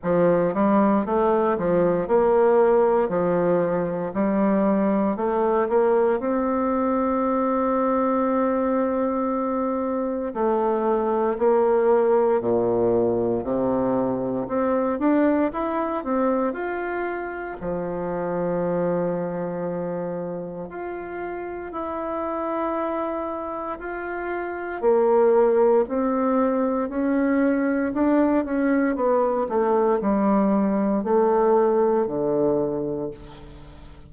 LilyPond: \new Staff \with { instrumentName = "bassoon" } { \time 4/4 \tempo 4 = 58 f8 g8 a8 f8 ais4 f4 | g4 a8 ais8 c'2~ | c'2 a4 ais4 | ais,4 c4 c'8 d'8 e'8 c'8 |
f'4 f2. | f'4 e'2 f'4 | ais4 c'4 cis'4 d'8 cis'8 | b8 a8 g4 a4 d4 | }